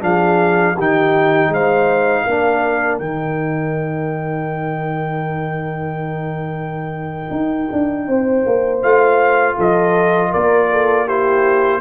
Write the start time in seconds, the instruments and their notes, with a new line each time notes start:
0.00 tuba F3, trombone D4, horn G#4, trumpet F5
0.74 tuba D#3, trombone D#4, horn G4, trumpet G5
1.48 tuba G#3, horn C5, trumpet F5
2.23 tuba A#3, trombone D4, horn A#4
2.98 tuba D#3, trombone D#4, trumpet G5
7.30 tuba D#4
7.72 tuba D4
8.07 tuba C4, horn C5
8.46 tuba A#3
8.82 tuba A3, trombone F4, trumpet F5
9.56 tuba F3, horn A4, trumpet D#5
10.30 tuba A#3, horn A#4, trumpet D5
10.71 horn A4
11.06 trombone E4, horn G4, trumpet C5